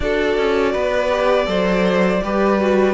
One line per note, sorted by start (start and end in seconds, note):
0.00 0.37 D4
0.00 1.10 F#4
0.00 0.72 A4
0.00 2.93 D5
0.37 0.74 C#4
0.72 1.47 B3
0.72 1.46 B4
1.10 1.46 G4
1.46 2.21 F#3
1.46 2.20 A4
1.46 2.23 C5
2.23 2.93 G3
2.23 2.60 G4
2.23 2.93 B4
2.60 2.93 F#4